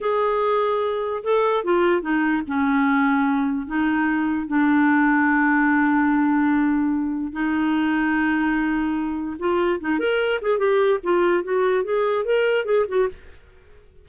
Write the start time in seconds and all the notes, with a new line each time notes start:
0.01 G#4
1.23 A4
1.64 F4
2.01 D#4
2.47 C#4
3.66 D#4
4.47 D4
7.32 D#4
9.39 F4
9.80 D#4
9.99 A#4
10.41 G#4
10.58 G4
11.03 F4
11.43 F#4
11.83 G#4
12.24 A#4
12.65 G#4
12.88 F#4